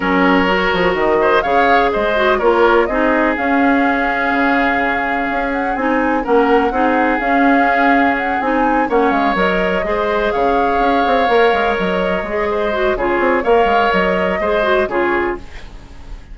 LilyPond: <<
  \new Staff \with { instrumentName = "flute" } { \time 4/4 \tempo 4 = 125 cis''2 dis''4 f''4 | dis''4 cis''4 dis''4 f''4~ | f''2.~ f''8 fis''8 | gis''4 fis''2 f''4~ |
f''4 fis''8 gis''4 fis''8 f''8 dis''8~ | dis''4. f''2~ f''8~ | f''8 dis''2~ dis''8 cis''4 | f''4 dis''2 cis''4 | }
  \new Staff \with { instrumentName = "oboe" } { \time 4/4 ais'2~ ais'8 c''8 cis''4 | c''4 ais'4 gis'2~ | gis'1~ | gis'4 ais'4 gis'2~ |
gis'2~ gis'8 cis''4.~ | cis''8 c''4 cis''2~ cis''8~ | cis''2 c''4 gis'4 | cis''2 c''4 gis'4 | }
  \new Staff \with { instrumentName = "clarinet" } { \time 4/4 cis'4 fis'2 gis'4~ | gis'8 fis'8 f'4 dis'4 cis'4~ | cis'1 | dis'4 cis'4 dis'4 cis'4~ |
cis'4. dis'4 cis'4 ais'8~ | ais'8 gis'2. ais'8~ | ais'4. gis'4 fis'8 f'4 | ais'2 gis'8 fis'8 f'4 | }
  \new Staff \with { instrumentName = "bassoon" } { \time 4/4 fis4. f8 dis4 cis4 | gis4 ais4 c'4 cis'4~ | cis'4 cis2 cis'4 | c'4 ais4 c'4 cis'4~ |
cis'4. c'4 ais8 gis8 fis8~ | fis8 gis4 cis4 cis'8 c'8 ais8 | gis8 fis4 gis4. cis8 c'8 | ais8 gis8 fis4 gis4 cis4 | }
>>